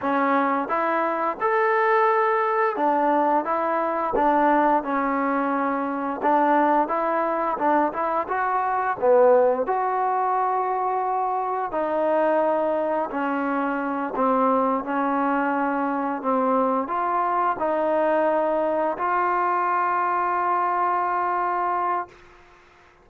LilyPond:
\new Staff \with { instrumentName = "trombone" } { \time 4/4 \tempo 4 = 87 cis'4 e'4 a'2 | d'4 e'4 d'4 cis'4~ | cis'4 d'4 e'4 d'8 e'8 | fis'4 b4 fis'2~ |
fis'4 dis'2 cis'4~ | cis'8 c'4 cis'2 c'8~ | c'8 f'4 dis'2 f'8~ | f'1 | }